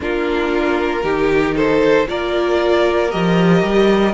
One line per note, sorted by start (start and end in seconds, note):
0.00 1.03 A#3
0.00 1.02 D4
0.00 1.03 F4
0.00 1.56 A#4
1.03 2.07 D#3
1.03 2.06 D#4
1.03 1.55 G4
1.55 2.06 A4
1.55 2.08 C5
2.06 3.13 A#3
2.06 3.10 F4
2.06 4.14 A#4
2.06 3.11 D5
3.11 3.62 F3
3.11 4.14 G4
3.11 4.14 D#5
3.62 4.14 G3